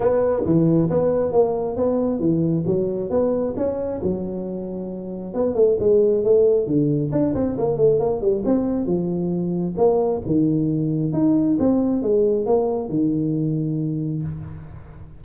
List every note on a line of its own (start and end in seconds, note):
0.00 0.43 B3
0.45 0.89 E3
0.90 1.32 B3
1.32 1.76 A#3
1.76 2.19 B3
2.19 2.64 E3
2.66 3.09 F#3
3.09 3.54 B3
3.56 4.01 C#4
4.02 5.34 F#3
5.34 5.54 B3
5.54 5.77 A3
5.79 6.24 G#3
6.24 6.66 A3
6.66 7.11 D3
7.12 7.34 D4
7.34 7.56 C4
7.58 7.77 A#3
7.77 7.99 A3
7.99 8.21 A#3
8.21 8.43 G3
8.45 8.85 C4
8.85 9.74 F3
9.77 10.21 A#3
10.25 11.12 D#3
11.12 11.57 D#4
11.59 12.02 C4
12.02 12.46 G#3
12.46 12.89 A#3
12.89 14.22 D#3